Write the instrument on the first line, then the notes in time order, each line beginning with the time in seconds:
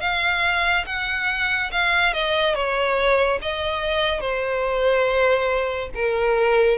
violin
0.00 F5
0.86 F#5
1.71 F5
2.13 D#5
2.54 C#5
3.41 D#5
4.20 C5
5.94 A#4